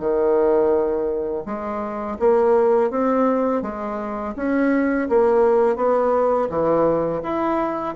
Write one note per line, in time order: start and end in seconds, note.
0.00 1.45 D#3
1.46 2.18 G#3
2.19 2.90 A#3
2.90 3.62 C4
3.62 4.35 G#3
4.37 5.09 C#4
5.09 5.76 A#3
5.76 6.49 B3
6.50 7.22 E3
7.23 7.96 E4